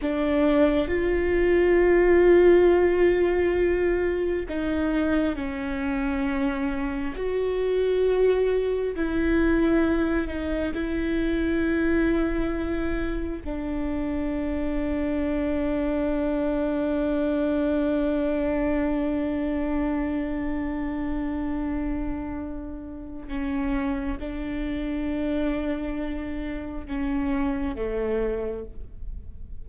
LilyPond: \new Staff \with { instrumentName = "viola" } { \time 4/4 \tempo 4 = 67 d'4 f'2.~ | f'4 dis'4 cis'2 | fis'2 e'4. dis'8 | e'2. d'4~ |
d'1~ | d'1~ | d'2 cis'4 d'4~ | d'2 cis'4 a4 | }